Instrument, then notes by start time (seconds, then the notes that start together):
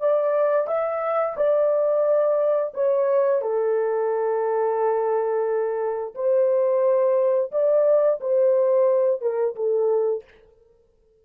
horn
0.00 D5
0.68 E5
1.37 D5
2.74 C#5
3.42 A4
6.15 C5
7.52 D5
8.21 C5
9.21 A#4
9.56 A4